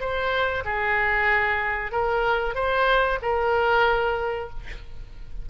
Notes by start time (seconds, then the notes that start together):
0.00 C5
0.65 G#4
1.92 A#4
2.55 C5
3.22 A#4